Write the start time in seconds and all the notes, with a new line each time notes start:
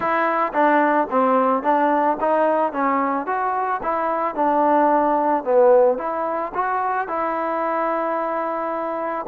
0.00 E4
0.53 D4
1.10 C4
1.62 D4
2.20 D#4
2.72 C#4
3.26 F#4
3.82 E4
4.35 D4
5.43 B3
5.98 E4
6.54 F#4
7.08 E4